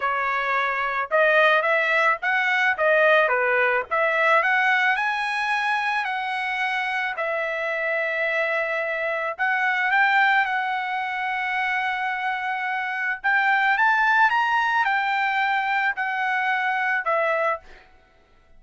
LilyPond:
\new Staff \with { instrumentName = "trumpet" } { \time 4/4 \tempo 4 = 109 cis''2 dis''4 e''4 | fis''4 dis''4 b'4 e''4 | fis''4 gis''2 fis''4~ | fis''4 e''2.~ |
e''4 fis''4 g''4 fis''4~ | fis''1 | g''4 a''4 ais''4 g''4~ | g''4 fis''2 e''4 | }